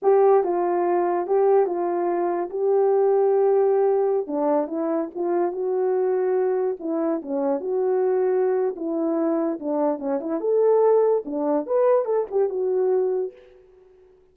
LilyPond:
\new Staff \with { instrumentName = "horn" } { \time 4/4 \tempo 4 = 144 g'4 f'2 g'4 | f'2 g'2~ | g'2~ g'16 d'4 e'8.~ | e'16 f'4 fis'2~ fis'8.~ |
fis'16 e'4 cis'4 fis'4.~ fis'16~ | fis'4 e'2 d'4 | cis'8 e'8 a'2 d'4 | b'4 a'8 g'8 fis'2 | }